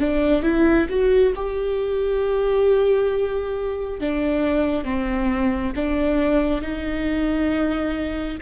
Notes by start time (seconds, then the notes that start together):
0.00 D4
0.43 E4
0.89 F#4
1.36 G4
4.00 D4
4.84 C4
5.76 D4
6.61 D#4